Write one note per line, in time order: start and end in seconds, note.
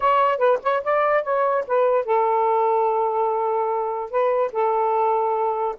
0.00 0.38 C#5
0.38 0.58 B4
0.62 0.83 C#5
0.83 1.23 D5
1.23 1.64 C#5
1.67 2.05 B4
2.05 4.10 A4
4.10 4.51 B4
4.52 5.75 A4